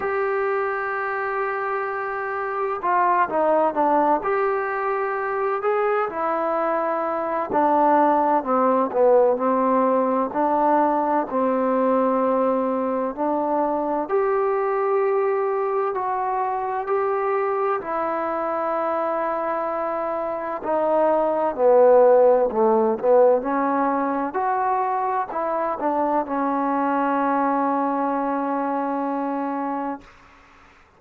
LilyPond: \new Staff \with { instrumentName = "trombone" } { \time 4/4 \tempo 4 = 64 g'2. f'8 dis'8 | d'8 g'4. gis'8 e'4. | d'4 c'8 b8 c'4 d'4 | c'2 d'4 g'4~ |
g'4 fis'4 g'4 e'4~ | e'2 dis'4 b4 | a8 b8 cis'4 fis'4 e'8 d'8 | cis'1 | }